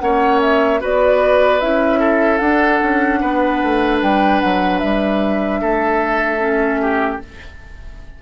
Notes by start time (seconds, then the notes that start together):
0.00 A#3 C#4 C#5 F#5
0.41 E5
0.80 B3 F#4 B4 D5
1.60 C#4 E4 E5
2.00 A4
2.38 D4 F#5
2.82 C#4
3.21 B3 B4
3.63 A3
4.02 G3 G5
4.41 F#3 F#5
4.79 G3 E5
5.61 A3 A4
6.40 C#4
6.82 G4